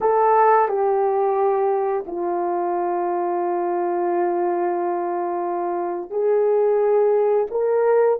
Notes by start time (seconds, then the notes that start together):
0.01 A4
0.68 G4
2.06 F4
6.10 G#4
7.50 A#4